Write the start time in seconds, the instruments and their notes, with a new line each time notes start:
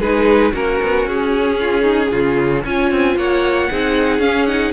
0.00 cello G#3, viola D#4, violin G#4 B4
0.51 cello A#3, viola C#4, violin F#4 A#4
0.81 cello B3
1.05 cello C#4, violin G#4
1.60 violin F4
1.81 violin D#4
2.10 cello C#3, violin F4
2.63 violin C#4 G#5, cello C#4, viola F4
2.91 cello C4
3.16 cello A#3, violin C#5 F#5
3.69 cello C4, viola D#4, violin G#4
4.18 cello C#4, viola C#4, violin F5
4.45 viola D#4, violin F#5